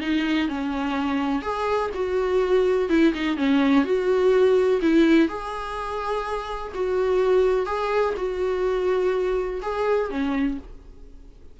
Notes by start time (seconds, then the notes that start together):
0.00 D#4
0.48 C#4
1.42 G#4
1.94 F#4
2.89 E4
3.14 D#4
3.36 C#4
3.84 F#4
4.81 E4
5.28 G#4
6.74 F#4
7.66 G#4
8.16 F#4
9.62 G#4
10.10 C#4